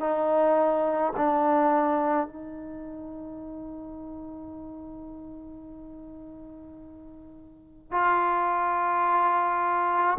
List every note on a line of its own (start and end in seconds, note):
0.00 1.13 D#4
1.17 2.27 D4
2.27 7.92 D#4
7.92 10.18 F4